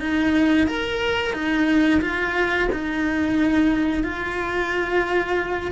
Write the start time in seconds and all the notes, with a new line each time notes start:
0.00 D#4
0.67 A#4
1.33 D#4
2.01 F4
2.72 D#4
4.04 F4